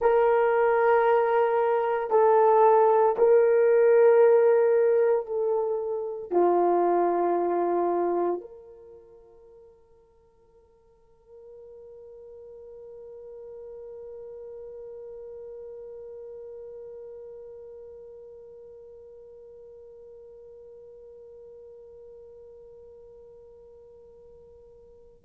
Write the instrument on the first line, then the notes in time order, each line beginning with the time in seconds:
horn
0.01 A#4
2.10 A4
3.18 A#4
5.26 A4
6.30 F4
8.40 A#4